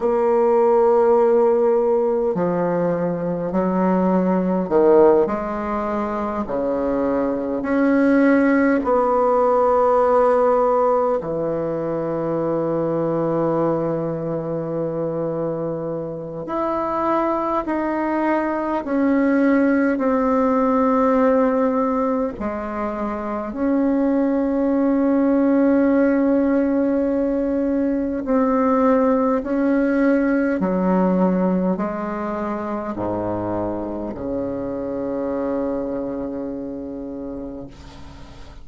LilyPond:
\new Staff \with { instrumentName = "bassoon" } { \time 4/4 \tempo 4 = 51 ais2 f4 fis4 | dis8 gis4 cis4 cis'4 b8~ | b4. e2~ e8~ | e2 e'4 dis'4 |
cis'4 c'2 gis4 | cis'1 | c'4 cis'4 fis4 gis4 | gis,4 cis2. | }